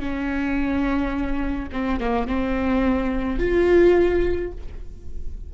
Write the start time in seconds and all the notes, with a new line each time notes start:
0.00 C#4
1.72 C4
2.00 A#3
2.27 C4
3.39 F4